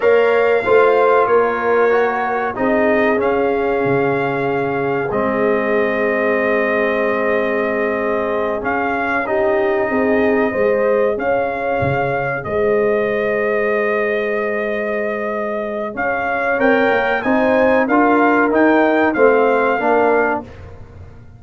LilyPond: <<
  \new Staff \with { instrumentName = "trumpet" } { \time 4/4 \tempo 4 = 94 f''2 cis''2 | dis''4 f''2. | dis''1~ | dis''4. f''4 dis''4.~ |
dis''4. f''2 dis''8~ | dis''1~ | dis''4 f''4 g''4 gis''4 | f''4 g''4 f''2 | }
  \new Staff \with { instrumentName = "horn" } { \time 4/4 cis''4 c''4 ais'2 | gis'1~ | gis'1~ | gis'2~ gis'8 g'4 gis'8~ |
gis'8 c''4 cis''2 c''8~ | c''1~ | c''4 cis''2 c''4 | ais'2 c''4 ais'4 | }
  \new Staff \with { instrumentName = "trombone" } { \time 4/4 ais'4 f'2 fis'4 | dis'4 cis'2. | c'1~ | c'4. cis'4 dis'4.~ |
dis'8 gis'2.~ gis'8~ | gis'1~ | gis'2 ais'4 dis'4 | f'4 dis'4 c'4 d'4 | }
  \new Staff \with { instrumentName = "tuba" } { \time 4/4 ais4 a4 ais2 | c'4 cis'4 cis2 | gis1~ | gis4. cis'2 c'8~ |
c'8 gis4 cis'4 cis4 gis8~ | gis1~ | gis4 cis'4 c'8 ais8 c'4 | d'4 dis'4 a4 ais4 | }
>>